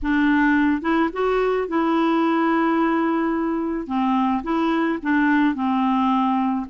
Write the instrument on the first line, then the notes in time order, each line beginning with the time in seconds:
clarinet
0.02 D4
0.81 E4
1.12 F#4
1.68 E4
3.87 C4
4.43 E4
5.02 D4
5.55 C4